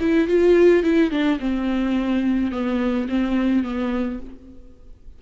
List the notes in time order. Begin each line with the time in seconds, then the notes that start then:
0.00 E4
0.28 F4
0.83 E4
1.11 D4
1.40 C4
2.52 B3
3.09 C4
3.63 B3